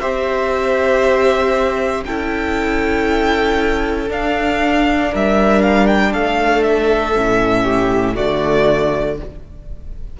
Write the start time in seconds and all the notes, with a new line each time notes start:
0.00 C4 G4 C5 E5
2.05 C#4 E4 A4 G5
4.08 D4 F5
5.11 G3 A#4 E5
5.62 F5
5.87 G5
6.12 A3 A4 F5
6.63 E5
7.14 A2 C#4
7.63 G4
8.15 D3 A3 F#4 D5